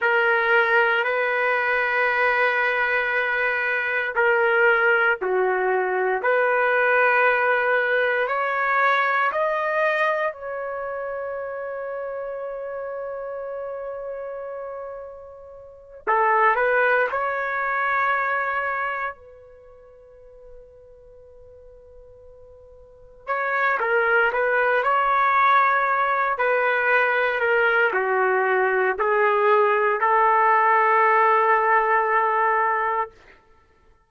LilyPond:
\new Staff \with { instrumentName = "trumpet" } { \time 4/4 \tempo 4 = 58 ais'4 b'2. | ais'4 fis'4 b'2 | cis''4 dis''4 cis''2~ | cis''2.~ cis''8 a'8 |
b'8 cis''2 b'4.~ | b'2~ b'8 cis''8 ais'8 b'8 | cis''4. b'4 ais'8 fis'4 | gis'4 a'2. | }